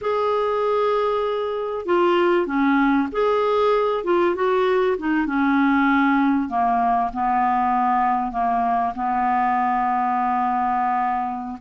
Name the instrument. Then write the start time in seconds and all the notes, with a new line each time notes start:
clarinet
0.01 G#4
1.85 F4
2.46 C#4
3.12 G#4
4.04 F4
4.35 F#4
4.97 D#4
5.26 C#4
6.49 A#3
7.13 B3
8.31 A#3
8.94 B3